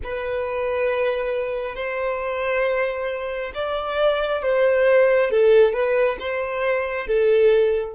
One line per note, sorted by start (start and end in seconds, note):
0.03 1.75 B4
1.75 3.51 C5
3.54 4.42 D5
4.42 5.30 C5
5.30 5.73 A4
5.73 6.17 B4
6.19 7.07 C5
7.07 7.95 A4